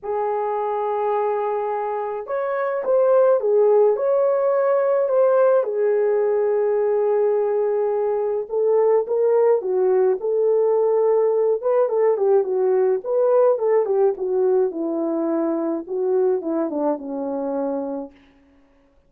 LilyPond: \new Staff \with { instrumentName = "horn" } { \time 4/4 \tempo 4 = 106 gis'1 | cis''4 c''4 gis'4 cis''4~ | cis''4 c''4 gis'2~ | gis'2. a'4 |
ais'4 fis'4 a'2~ | a'8 b'8 a'8 g'8 fis'4 b'4 | a'8 g'8 fis'4 e'2 | fis'4 e'8 d'8 cis'2 | }